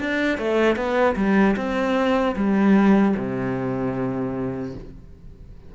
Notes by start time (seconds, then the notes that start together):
0.00 D4
0.38 A3
0.76 B3
1.16 G3
1.56 C4
2.36 G3
3.17 C3